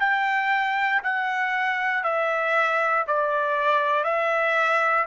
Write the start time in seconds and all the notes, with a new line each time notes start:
0.00 G5
1.03 F#5
2.03 E5
3.07 D5
4.04 E5